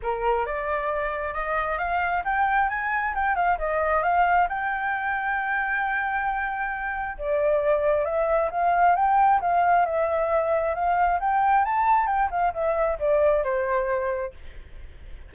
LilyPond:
\new Staff \with { instrumentName = "flute" } { \time 4/4 \tempo 4 = 134 ais'4 d''2 dis''4 | f''4 g''4 gis''4 g''8 f''8 | dis''4 f''4 g''2~ | g''1 |
d''2 e''4 f''4 | g''4 f''4 e''2 | f''4 g''4 a''4 g''8 f''8 | e''4 d''4 c''2 | }